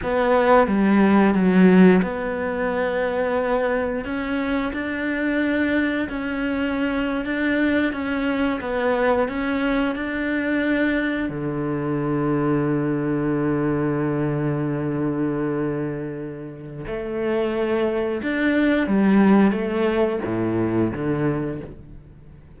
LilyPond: \new Staff \with { instrumentName = "cello" } { \time 4/4 \tempo 4 = 89 b4 g4 fis4 b4~ | b2 cis'4 d'4~ | d'4 cis'4.~ cis'16 d'4 cis'16~ | cis'8. b4 cis'4 d'4~ d'16~ |
d'8. d2.~ d16~ | d1~ | d4 a2 d'4 | g4 a4 a,4 d4 | }